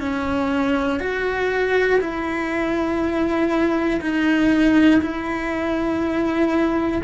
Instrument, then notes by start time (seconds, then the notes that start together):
cello
0.00 C#4
1.00 F#4
2.00 E4
4.01 D#4
5.02 E4